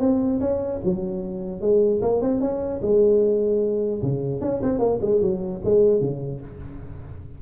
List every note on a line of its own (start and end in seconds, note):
0.00 0.40 C4
0.40 0.80 C#4
0.84 1.61 F#3
1.61 2.01 G#3
2.02 2.22 A#3
2.22 2.41 C4
2.41 2.81 C#4
2.82 4.02 G#3
4.03 4.41 C#3
4.41 4.61 C#4
4.63 4.79 C4
4.79 4.99 A#3
5.02 5.22 G#3
5.22 5.62 F#3
5.65 6.01 G#3
6.01 6.41 C#3